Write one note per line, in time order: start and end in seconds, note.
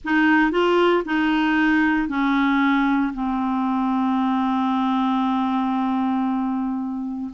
0.04 0.51 D#4
0.51 1.03 F4
1.05 2.08 D#4
2.08 3.12 C#4
3.13 7.31 C4